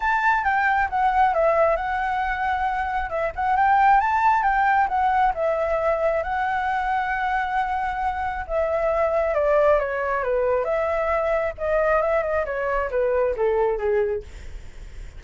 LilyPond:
\new Staff \with { instrumentName = "flute" } { \time 4/4 \tempo 4 = 135 a''4 g''4 fis''4 e''4 | fis''2. e''8 fis''8 | g''4 a''4 g''4 fis''4 | e''2 fis''2~ |
fis''2. e''4~ | e''4 d''4 cis''4 b'4 | e''2 dis''4 e''8 dis''8 | cis''4 b'4 a'4 gis'4 | }